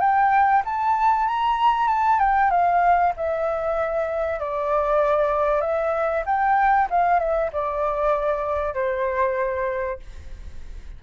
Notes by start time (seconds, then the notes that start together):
0.00 G5
0.65 A5
1.27 A#5
1.88 A5
2.19 G5
2.50 F5
3.16 E5
4.40 D5
5.61 E5
6.26 G5
6.90 F5
7.19 E5
7.52 D5
8.74 C5